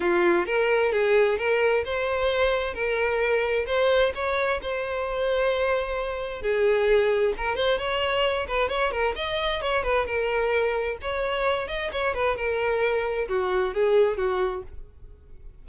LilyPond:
\new Staff \with { instrumentName = "violin" } { \time 4/4 \tempo 4 = 131 f'4 ais'4 gis'4 ais'4 | c''2 ais'2 | c''4 cis''4 c''2~ | c''2 gis'2 |
ais'8 c''8 cis''4. b'8 cis''8 ais'8 | dis''4 cis''8 b'8 ais'2 | cis''4. dis''8 cis''8 b'8 ais'4~ | ais'4 fis'4 gis'4 fis'4 | }